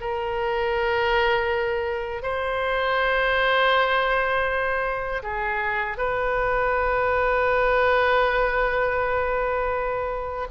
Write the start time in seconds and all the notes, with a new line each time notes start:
0.00 A#4
2.22 C5
5.22 G#4
5.97 B4